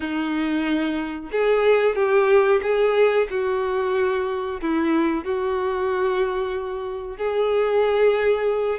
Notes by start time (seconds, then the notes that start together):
0.00 D#4
1.31 G#4
1.95 G4
2.62 G#4
3.30 F#4
4.61 E4
5.24 F#4
7.17 G#4